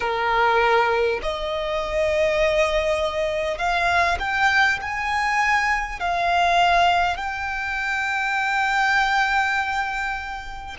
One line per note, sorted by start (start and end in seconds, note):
0.00 1.20 A#4
1.22 3.57 D#5
3.57 4.17 F5
4.19 4.79 G5
4.81 5.99 G#5
5.99 7.16 F5
7.16 10.76 G5